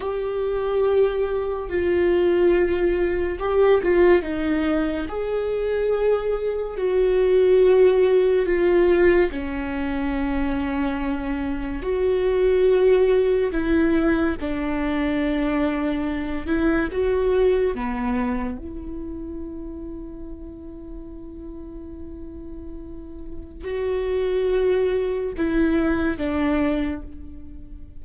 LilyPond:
\new Staff \with { instrumentName = "viola" } { \time 4/4 \tempo 4 = 71 g'2 f'2 | g'8 f'8 dis'4 gis'2 | fis'2 f'4 cis'4~ | cis'2 fis'2 |
e'4 d'2~ d'8 e'8 | fis'4 b4 e'2~ | e'1 | fis'2 e'4 d'4 | }